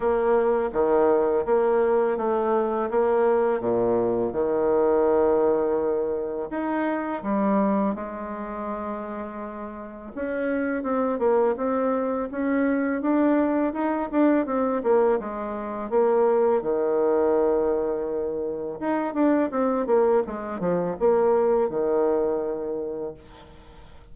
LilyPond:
\new Staff \with { instrumentName = "bassoon" } { \time 4/4 \tempo 4 = 83 ais4 dis4 ais4 a4 | ais4 ais,4 dis2~ | dis4 dis'4 g4 gis4~ | gis2 cis'4 c'8 ais8 |
c'4 cis'4 d'4 dis'8 d'8 | c'8 ais8 gis4 ais4 dis4~ | dis2 dis'8 d'8 c'8 ais8 | gis8 f8 ais4 dis2 | }